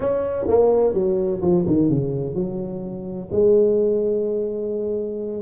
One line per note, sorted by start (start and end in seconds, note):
0.00 0.46 C#4
0.47 0.93 A#3
0.93 1.40 F#3
1.41 1.65 F3
1.66 1.89 D#3
1.89 2.35 C#3
2.35 3.29 F#3
3.31 5.42 G#3